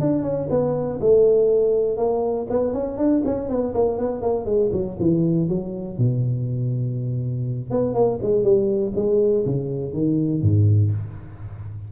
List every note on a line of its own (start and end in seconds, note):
0.00 0.23 D4
0.23 0.47 C#4
0.50 0.99 B3
1.00 1.97 A3
1.97 2.46 A#3
2.50 2.73 B3
2.73 2.98 C#4
2.98 3.22 D4
3.25 3.49 C#4
3.49 3.74 B3
3.74 3.98 A#3
3.98 4.21 B3
4.21 4.45 A#3
4.45 4.70 G#3
4.72 4.97 F#3
4.99 5.49 E3
5.49 5.98 F#3
5.98 7.70 B2
7.70 7.94 B3
7.94 8.19 A#3
8.22 8.43 G#3
8.43 8.93 G3
8.95 9.45 G#3
9.45 9.93 C#3
9.93 10.42 D#3
10.42 10.91 G#2